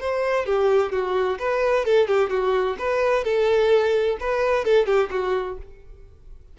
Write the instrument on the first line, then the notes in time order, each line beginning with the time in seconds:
violin
0.00 C5
0.45 G4
0.92 F#4
1.39 B4
1.85 A4
2.07 G4
2.30 F#4
2.78 B4
3.24 A4
4.20 B4
4.64 A4
4.86 G4
5.11 F#4